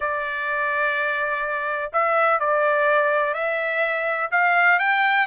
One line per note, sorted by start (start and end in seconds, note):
0.00 1.91 D5
1.92 2.39 E5
2.39 3.34 D5
3.34 4.30 E5
4.31 4.79 F5
4.79 5.26 G5